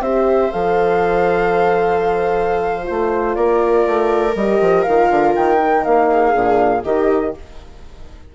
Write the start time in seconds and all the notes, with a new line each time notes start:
0.00 C4 G4 C5 E5
0.51 F3 A4 F5
2.83 F4 C5
2.90 A3
3.35 A#3 A#4 D5
3.87 A3
4.35 G3 G4 D#5
4.61 F3
4.83 D#3 F4 F5
5.10 D3
5.36 D#3 G5
5.57 D#4
5.84 A#3 F5
6.11 G#4
6.32 A#2 D4
6.84 D#3 D#4 G4 D#5